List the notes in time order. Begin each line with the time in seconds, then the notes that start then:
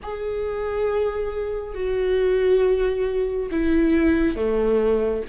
0.03 G#4
1.74 F#4
3.51 E4
4.35 A3